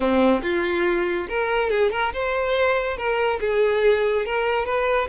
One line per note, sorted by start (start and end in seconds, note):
0.00 0.41 C4
0.42 1.27 F4
1.28 1.70 A#4
1.70 1.91 G#4
1.91 2.12 A#4
2.13 2.97 C5
2.97 3.39 A#4
3.40 4.25 G#4
4.25 4.65 A#4
4.65 5.08 B4